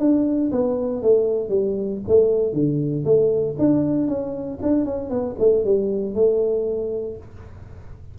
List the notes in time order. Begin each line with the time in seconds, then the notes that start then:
0.00 D4
0.52 B3
1.03 A3
1.49 G3
2.08 A3
2.54 D3
3.05 A3
3.59 D4
4.08 C#4
4.62 D4
4.85 C#4
5.10 B3
5.39 A3
5.65 G3
6.15 A3